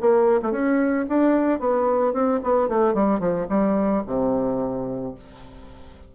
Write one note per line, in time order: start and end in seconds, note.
0.00 0.41 A#3
0.42 0.51 A3
0.51 1.05 C#4
1.09 1.59 D4
1.59 2.13 B3
2.13 2.40 C4
2.43 2.68 B3
2.68 2.94 A3
2.94 3.19 G3
3.19 3.46 F3
3.49 4.03 G3
4.06 5.14 C3